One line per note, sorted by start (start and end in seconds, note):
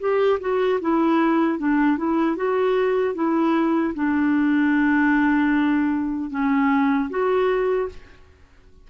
0.00 0.39 G4
0.40 0.80 F#4
0.81 1.59 E4
1.59 1.98 D4
1.98 2.36 E4
2.36 3.15 F#4
3.15 3.94 E4
3.95 6.31 D4
6.31 7.09 C#4
7.10 7.89 F#4